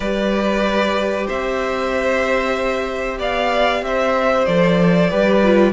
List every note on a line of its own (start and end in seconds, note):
0.00 1.27 G3
0.00 4.47 G4
0.00 1.26 B4
0.00 1.26 D5
1.26 3.18 C4
1.26 3.18 C5
1.26 3.20 E5
3.18 3.82 B3
3.18 3.82 D5
3.18 3.84 F5
3.82 4.46 C4
3.82 5.10 C5
3.82 4.45 E5
4.45 5.11 F3
4.45 5.10 A4
4.45 5.73 D5
5.10 5.73 G3
5.10 5.42 G4
5.10 5.73 B4
5.43 5.73 F4